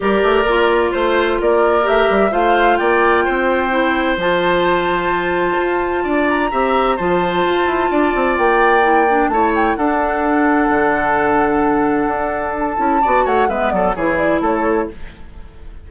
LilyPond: <<
  \new Staff \with { instrumentName = "flute" } { \time 4/4 \tempo 4 = 129 d''2 c''4 d''4 | e''4 f''4 g''2~ | g''4 a''2.~ | a''4. ais''4. a''4~ |
a''2 g''2 | a''8 g''8 fis''2.~ | fis''2. a''4~ | a''8 fis''8 e''8 d''8 cis''8 d''8 cis''4 | }
  \new Staff \with { instrumentName = "oboe" } { \time 4/4 ais'2 c''4 ais'4~ | ais'4 c''4 d''4 c''4~ | c''1~ | c''4 d''4 e''4 c''4~ |
c''4 d''2. | cis''4 a'2.~ | a'1 | d''8 cis''8 b'8 a'8 gis'4 a'4 | }
  \new Staff \with { instrumentName = "clarinet" } { \time 4/4 g'4 f'2. | g'4 f'2. | e'4 f'2.~ | f'2 g'4 f'4~ |
f'2. e'8 d'8 | e'4 d'2.~ | d'2.~ d'8 e'8 | fis'4 b4 e'2 | }
  \new Staff \with { instrumentName = "bassoon" } { \time 4/4 g8 a8 ais4 a4 ais4 | a8 g8 a4 ais4 c'4~ | c'4 f2. | f'4 d'4 c'4 f4 |
f'8 e'8 d'8 c'8 ais2 | a4 d'2 d4~ | d2 d'4. cis'8 | b8 a8 gis8 fis8 e4 a4 | }
>>